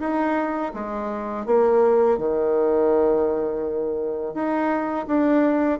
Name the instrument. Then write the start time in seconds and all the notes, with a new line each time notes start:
bassoon
0.00 D#4
0.74 G#3
1.46 A#3
2.18 D#3
4.34 D#4
5.07 D4